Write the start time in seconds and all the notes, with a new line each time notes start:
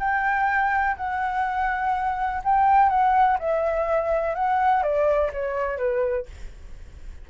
0.00 G5
0.97 F#5
2.44 G5
2.89 F#5
3.40 E5
4.35 F#5
4.83 D5
5.33 C#5
5.78 B4